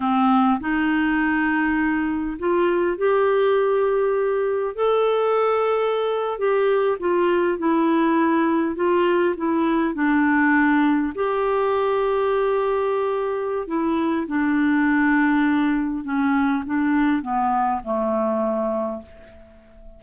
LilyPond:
\new Staff \with { instrumentName = "clarinet" } { \time 4/4 \tempo 4 = 101 c'4 dis'2. | f'4 g'2. | a'2~ a'8. g'4 f'16~ | f'8. e'2 f'4 e'16~ |
e'8. d'2 g'4~ g'16~ | g'2. e'4 | d'2. cis'4 | d'4 b4 a2 | }